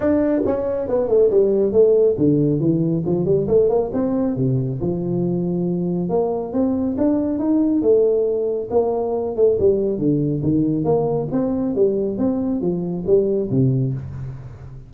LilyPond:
\new Staff \with { instrumentName = "tuba" } { \time 4/4 \tempo 4 = 138 d'4 cis'4 b8 a8 g4 | a4 d4 e4 f8 g8 | a8 ais8 c'4 c4 f4~ | f2 ais4 c'4 |
d'4 dis'4 a2 | ais4. a8 g4 d4 | dis4 ais4 c'4 g4 | c'4 f4 g4 c4 | }